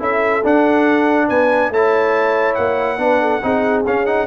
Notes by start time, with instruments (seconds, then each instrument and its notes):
0.00 tuba C#4, trombone E4, horn A4, trumpet E5
0.44 tuba D4, trombone D4, trumpet F#5
1.28 tuba B3, horn B4, trumpet G#5
1.71 tuba A3, trombone E4, horn C#5, trumpet A5
2.55 tuba A#3, trumpet F#5
2.99 tuba B3, trombone D4, horn B4
3.22 horn A4
3.43 tuba C4, trombone D#4, horn G#4
3.87 trombone C#4, tuba C#4, trumpet F5
4.06 trombone D#4, trumpet F#5